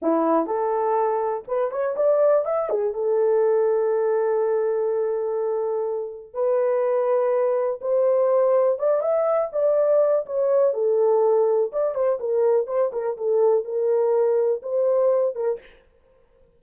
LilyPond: \new Staff \with { instrumentName = "horn" } { \time 4/4 \tempo 4 = 123 e'4 a'2 b'8 cis''8 | d''4 e''8 gis'8 a'2~ | a'1~ | a'4 b'2. |
c''2 d''8 e''4 d''8~ | d''4 cis''4 a'2 | d''8 c''8 ais'4 c''8 ais'8 a'4 | ais'2 c''4. ais'8 | }